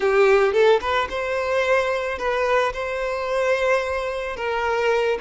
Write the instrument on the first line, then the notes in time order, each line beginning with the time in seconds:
violin
0.00 G4
0.52 A4
0.81 B4
1.09 C5
2.18 B4
2.73 C5
4.36 A#4